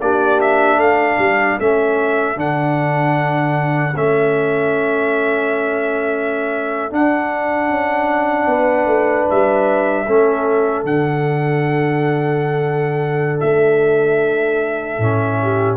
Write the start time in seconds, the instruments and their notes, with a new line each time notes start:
0.00 tuba A#3, trombone D4, horn G4, trumpet D5
0.40 trumpet E5
0.77 tuba A3, horn A4, trumpet F5
1.18 tuba G3
1.59 tuba A3, trombone C#4, trumpet E5
2.36 tuba D3, trombone D4, trumpet F#5
3.95 tuba A3, trombone C#4, trumpet E5
6.90 trombone D4, tuba D4, trumpet F#5
7.69 tuba C#4
8.47 tuba B3, horn B4
8.86 tuba A3
9.30 tuba G3, trumpet E5
10.07 tuba A3, trombone C#4, horn A4
10.84 tuba D3, trombone D4, trumpet F#5
13.40 tuba A3, trumpet E5
14.98 tuba A2, trombone C#4
15.42 horn G4